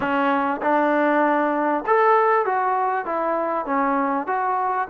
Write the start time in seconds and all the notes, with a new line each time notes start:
0.00 C#4
0.62 D4
1.86 A4
2.45 F#4
3.05 E4
3.65 C#4
4.26 F#4